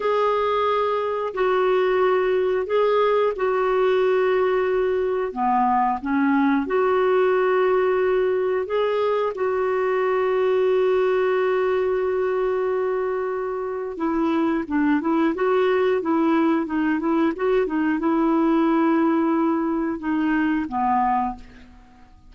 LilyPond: \new Staff \with { instrumentName = "clarinet" } { \time 4/4 \tempo 4 = 90 gis'2 fis'2 | gis'4 fis'2. | b4 cis'4 fis'2~ | fis'4 gis'4 fis'2~ |
fis'1~ | fis'4 e'4 d'8 e'8 fis'4 | e'4 dis'8 e'8 fis'8 dis'8 e'4~ | e'2 dis'4 b4 | }